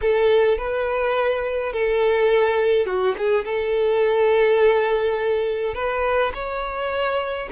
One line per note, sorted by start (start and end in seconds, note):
0.01 0.58 A4
0.58 1.73 B4
1.73 2.86 A4
2.86 3.14 F#4
3.17 3.45 G#4
3.45 5.74 A4
5.74 6.32 B4
6.33 7.49 C#5